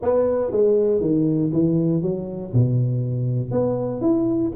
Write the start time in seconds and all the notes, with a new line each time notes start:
0.02 B3
0.51 G#3
1.00 D#3
1.52 E3
2.02 F#3
2.53 B2
3.51 B3
4.01 E4